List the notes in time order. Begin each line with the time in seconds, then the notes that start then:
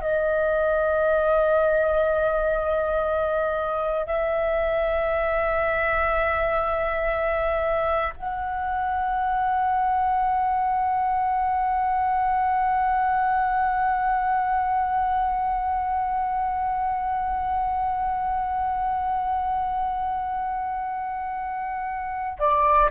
0.00 D#5
4.06 E5
8.15 F#5
22.39 D5